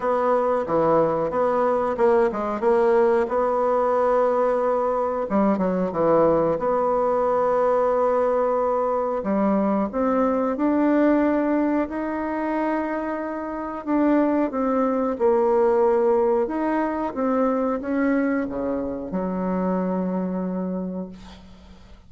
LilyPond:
\new Staff \with { instrumentName = "bassoon" } { \time 4/4 \tempo 4 = 91 b4 e4 b4 ais8 gis8 | ais4 b2. | g8 fis8 e4 b2~ | b2 g4 c'4 |
d'2 dis'2~ | dis'4 d'4 c'4 ais4~ | ais4 dis'4 c'4 cis'4 | cis4 fis2. | }